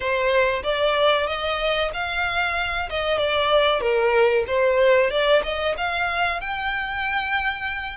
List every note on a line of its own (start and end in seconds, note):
0.00 0.62 C5
0.63 1.26 D5
1.26 1.90 D#5
1.93 2.89 F5
2.89 3.18 D#5
3.18 3.80 D5
3.80 4.44 A#4
4.47 5.10 C5
5.10 5.42 D5
5.43 5.75 D#5
5.77 6.40 F5
6.40 7.97 G5